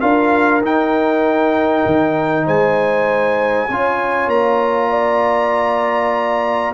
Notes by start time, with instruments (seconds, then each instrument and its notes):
0.00 tuba D4, trombone F4, horn A#4, trumpet F5
0.61 tuba D#4, trombone D#4, trumpet G5
1.85 tuba D#3
2.45 tuba G#3, horn C5, trumpet G#5
3.68 tuba C#4, trombone F4, horn C#5
4.27 tuba A#3, trumpet A#5
4.90 horn D5